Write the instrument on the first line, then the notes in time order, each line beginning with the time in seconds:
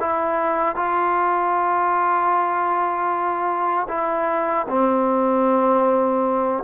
trombone
0.00 E4
0.76 F4
3.89 E4
4.69 C4